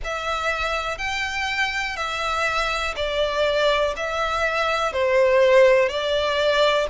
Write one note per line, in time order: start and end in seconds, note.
0.04 0.97 E5
0.97 1.96 G5
1.96 2.94 E5
2.96 3.94 D5
3.96 4.92 E5
4.92 5.88 C5
5.88 6.87 D5